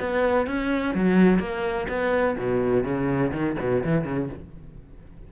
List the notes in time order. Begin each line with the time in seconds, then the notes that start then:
0.00 B3
0.47 C#4
0.95 F#3
1.39 A#3
1.89 B3
2.38 B2
2.84 C#3
3.32 D#3
3.60 B2
3.84 E3
4.05 C#3